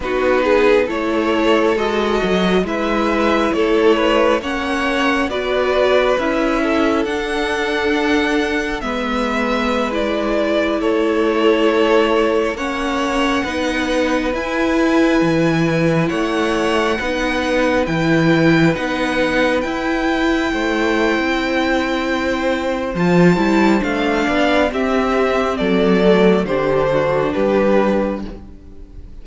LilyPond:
<<
  \new Staff \with { instrumentName = "violin" } { \time 4/4 \tempo 4 = 68 b'4 cis''4 dis''4 e''4 | cis''4 fis''4 d''4 e''4 | fis''2 e''4~ e''16 d''8.~ | d''16 cis''2 fis''4.~ fis''16~ |
fis''16 gis''2 fis''4.~ fis''16~ | fis''16 g''4 fis''4 g''4.~ g''16~ | g''2 a''4 f''4 | e''4 d''4 c''4 b'4 | }
  \new Staff \with { instrumentName = "violin" } { \time 4/4 fis'8 gis'8 a'2 b'4 | a'8 b'8 cis''4 b'4. a'8~ | a'2 b'2~ | b'16 a'2 cis''4 b'8.~ |
b'2~ b'16 cis''4 b'8.~ | b'2.~ b'16 c''8.~ | c''2.~ c''8 d''8 | g'4 a'4 g'8 fis'8 g'4 | }
  \new Staff \with { instrumentName = "viola" } { \time 4/4 dis'4 e'4 fis'4 e'4~ | e'4 cis'4 fis'4 e'4 | d'2 b4~ b16 e'8.~ | e'2~ e'16 cis'4 dis'8.~ |
dis'16 e'2. dis'8.~ | dis'16 e'4 dis'4 e'4.~ e'16~ | e'2 f'8 e'8 d'4 | c'4. a8 d'2 | }
  \new Staff \with { instrumentName = "cello" } { \time 4/4 b4 a4 gis8 fis8 gis4 | a4 ais4 b4 cis'4 | d'2 gis2~ | gis16 a2 ais4 b8.~ |
b16 e'4 e4 a4 b8.~ | b16 e4 b4 e'4 a8. | c'2 f8 g8 a8 b8 | c'4 fis4 d4 g4 | }
>>